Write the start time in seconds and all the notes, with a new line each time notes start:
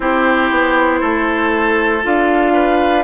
0.00 C4 E4 G4 C5
0.50 B3
1.00 A3 A4
2.03 D4 F4 F5
2.53 B4